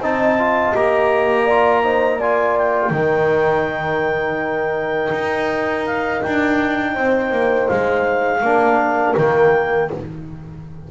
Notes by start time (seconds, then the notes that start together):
0.00 C4 D#4 D#5 A5
0.39 F4
0.75 A#3 G4 A#5
1.45 F4 D5
1.83 D#4 C5
2.18 F4 D5 G#5
2.57 G5
2.90 D#3 D#4 A#4
5.12 D#4
5.86 F5
6.22 D4 G5
6.93 C4 C5
7.31 A#3
7.68 G#3 F5
8.41 A#3 D4 A#4
9.17 D#3 A#3 G5